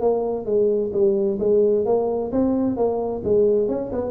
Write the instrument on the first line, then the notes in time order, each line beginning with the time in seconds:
tuba
0.00 A#3
0.45 G#3
0.93 G3
1.39 G#3
1.85 A#3
2.32 C4
2.76 A#3
3.24 G#3
3.68 C#4
3.92 B3